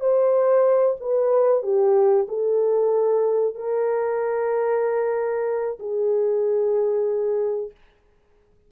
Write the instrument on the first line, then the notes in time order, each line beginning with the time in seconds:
horn
0.00 C5
1.00 B4
1.63 G4
2.28 A4
3.55 A#4
5.80 G#4